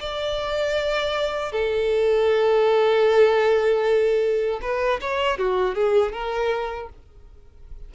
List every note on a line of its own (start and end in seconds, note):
0.00 1.52 D5
1.52 4.60 A4
4.62 5.00 B4
5.01 5.38 C#5
5.38 5.75 F#4
5.75 6.12 G#4
6.12 6.89 A#4